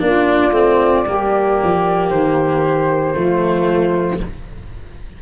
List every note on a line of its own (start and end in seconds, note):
0.00 0.52 A#3
0.00 0.53 D4
0.00 1.06 F4
0.00 2.10 D5
0.52 1.04 A3
0.52 1.06 C4
1.06 1.60 G3
1.06 3.15 A#3
1.06 3.16 G4
1.64 2.10 F3
2.10 3.15 D#3
2.10 4.20 C5
3.15 4.21 F3
3.15 4.20 A3
3.15 4.22 F4